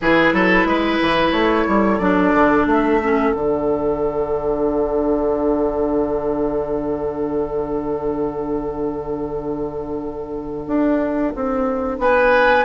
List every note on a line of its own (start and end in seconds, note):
0.00 0.32 E3
0.00 2.01 E4
0.00 0.34 G#4
0.00 1.31 B4
0.32 0.65 F#3
0.32 0.67 A4
0.65 0.98 G#3
0.65 1.66 B4
1.01 1.32 E3
1.31 1.65 A3
1.31 1.98 C#5
1.66 1.99 G3
1.66 12.00 A4
1.98 2.32 F#3
1.98 3.01 D4
1.98 2.65 D5
2.33 2.66 D3
2.66 3.32 A3
2.66 3.32 E5
3.03 3.34 C#4
3.32 10.67 D3
3.32 12.65 D4
3.32 11.99 F#5
10.67 11.34 D4
11.35 11.98 C4
11.98 12.65 B3
11.98 12.65 B4
11.98 12.65 G#5